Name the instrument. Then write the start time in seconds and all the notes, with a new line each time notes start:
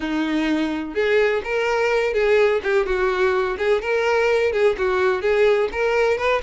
violin
0.00 D#4
0.94 G#4
1.44 A#4
2.13 G#4
2.63 G4
2.85 F#4
3.58 G#4
3.81 A#4
4.52 G#4
4.77 F#4
5.21 G#4
5.72 A#4
6.17 B4